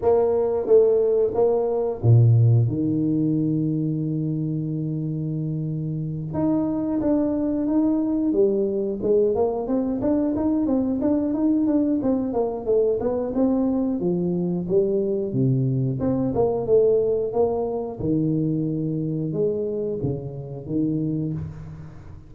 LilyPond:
\new Staff \with { instrumentName = "tuba" } { \time 4/4 \tempo 4 = 90 ais4 a4 ais4 ais,4 | dis1~ | dis4. dis'4 d'4 dis'8~ | dis'8 g4 gis8 ais8 c'8 d'8 dis'8 |
c'8 d'8 dis'8 d'8 c'8 ais8 a8 b8 | c'4 f4 g4 c4 | c'8 ais8 a4 ais4 dis4~ | dis4 gis4 cis4 dis4 | }